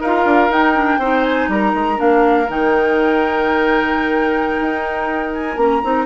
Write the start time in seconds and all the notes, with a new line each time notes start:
0.00 D#4 F4 A#4 F5
0.25 D4
0.49 D#4 G5
0.75 D4
0.98 C4 D#4 C5
1.24 G#5
1.48 G3 A#4 A#5
1.74 G#3
1.96 A#3 D4 F5
2.49 D#3 D#4 G5
4.61 D#4
5.34 G#5
5.57 A#3 C#4 A#5
5.82 C4 D#4